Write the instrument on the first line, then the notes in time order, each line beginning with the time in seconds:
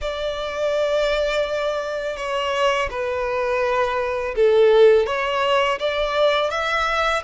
violin
0.01 D5
2.17 C#5
2.90 B4
4.35 A4
5.06 C#5
5.79 D5
6.50 E5